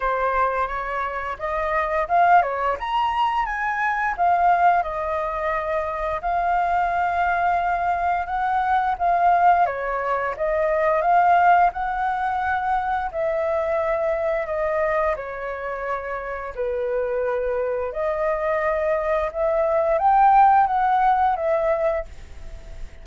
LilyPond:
\new Staff \with { instrumentName = "flute" } { \time 4/4 \tempo 4 = 87 c''4 cis''4 dis''4 f''8 cis''8 | ais''4 gis''4 f''4 dis''4~ | dis''4 f''2. | fis''4 f''4 cis''4 dis''4 |
f''4 fis''2 e''4~ | e''4 dis''4 cis''2 | b'2 dis''2 | e''4 g''4 fis''4 e''4 | }